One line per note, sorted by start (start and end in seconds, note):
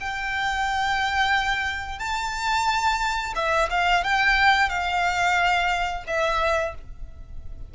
0.00 1.99 G5
1.99 3.33 A5
3.35 3.69 E5
3.70 4.03 F5
4.03 4.69 G5
4.69 6.04 F5
6.07 6.74 E5